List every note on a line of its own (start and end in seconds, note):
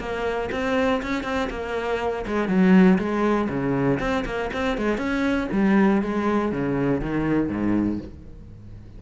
0.00 0.50 A#3
0.52 1.02 C4
1.03 1.24 C#4
1.24 1.49 C4
1.50 2.25 A#3
2.27 2.48 G#3
2.48 2.98 F#3
2.99 3.49 G#3
3.50 4.00 C#3
4.00 4.25 C4
4.26 4.51 A#3
4.53 4.78 C4
4.78 4.98 G#3
4.98 5.48 C#4
5.52 6.02 G3
6.02 6.52 G#3
6.52 7.01 C#3
7.01 7.49 D#3
7.49 7.99 G#2